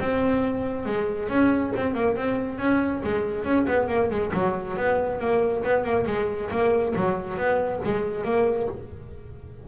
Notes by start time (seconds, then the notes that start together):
0.00 C4
0.86 G#3
1.29 C#4
1.76 C4
1.95 A#3
2.17 C4
2.59 C#4
3.04 G#3
3.45 C#4
3.68 B3
3.89 A#3
4.11 G#3
4.34 F#3
4.77 B3
5.20 A#3
5.65 B3
5.84 A#3
6.07 G#3
6.51 A#3
6.96 F#3
7.38 B3
7.85 G#3
8.25 A#3